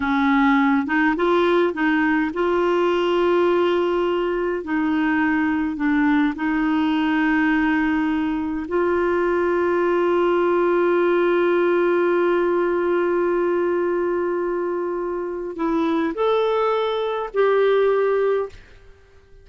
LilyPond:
\new Staff \with { instrumentName = "clarinet" } { \time 4/4 \tempo 4 = 104 cis'4. dis'8 f'4 dis'4 | f'1 | dis'2 d'4 dis'4~ | dis'2. f'4~ |
f'1~ | f'1~ | f'2. e'4 | a'2 g'2 | }